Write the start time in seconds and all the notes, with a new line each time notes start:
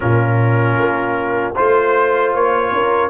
0.00 A#2 C#4 F4 A#4
0.79 A#3
1.54 A3 F4 C5
2.34 A#3 C#5
2.71 C#4 A#4